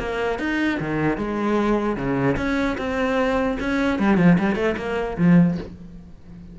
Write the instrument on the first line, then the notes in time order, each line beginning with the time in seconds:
cello
0.00 A#3
0.39 D#4
0.80 D#3
1.18 G#3
1.97 C#3
2.37 C#4
2.78 C4
3.60 C#4
4.00 G3
4.18 F3
4.39 G3
4.56 A3
4.77 A#3
5.18 F3